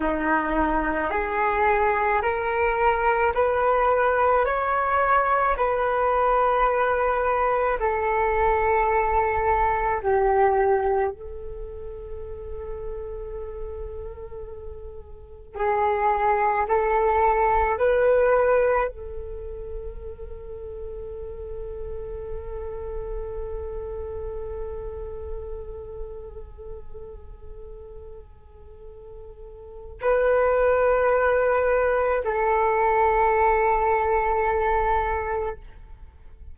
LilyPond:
\new Staff \with { instrumentName = "flute" } { \time 4/4 \tempo 4 = 54 dis'4 gis'4 ais'4 b'4 | cis''4 b'2 a'4~ | a'4 g'4 a'2~ | a'2 gis'4 a'4 |
b'4 a'2.~ | a'1~ | a'2. b'4~ | b'4 a'2. | }